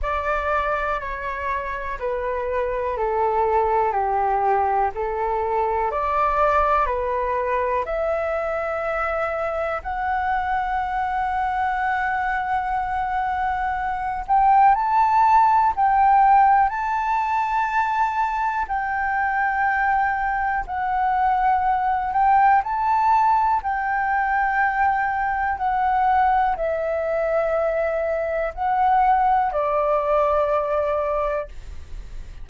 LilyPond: \new Staff \with { instrumentName = "flute" } { \time 4/4 \tempo 4 = 61 d''4 cis''4 b'4 a'4 | g'4 a'4 d''4 b'4 | e''2 fis''2~ | fis''2~ fis''8 g''8 a''4 |
g''4 a''2 g''4~ | g''4 fis''4. g''8 a''4 | g''2 fis''4 e''4~ | e''4 fis''4 d''2 | }